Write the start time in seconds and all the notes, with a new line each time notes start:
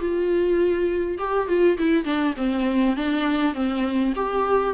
0.00 F4
1.19 G4
1.48 F4
1.78 E4
2.05 D4
2.37 C4
2.97 D4
3.55 C4
4.16 G4